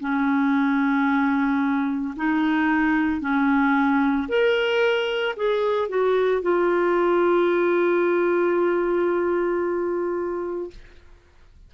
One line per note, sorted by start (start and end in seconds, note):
0.00 2.14 C#4
2.17 3.21 D#4
3.21 4.28 C#4
4.28 5.35 A#4
5.36 5.89 G#4
5.89 6.42 F#4
6.42 10.70 F4